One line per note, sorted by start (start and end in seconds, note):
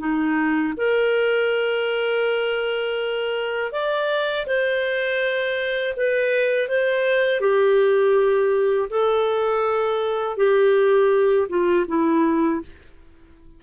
0.00 0.74 D#4
0.77 3.72 A#4
3.72 4.46 D5
4.47 5.95 C5
5.97 6.69 B4
6.69 7.41 C5
7.41 8.89 G4
8.90 10.37 A4
10.37 11.48 G4
11.49 11.86 F4
11.88 12.62 E4